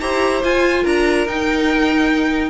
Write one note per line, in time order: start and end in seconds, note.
0.00 0.43 E4
0.00 0.43 G4
0.00 0.83 C5
0.00 0.42 A#5
0.43 0.85 F4
0.43 1.27 F4
0.43 0.85 G#5
0.83 1.27 D4
0.83 2.50 A#4
0.83 1.27 A#5
1.27 2.50 D#4
1.27 2.50 G5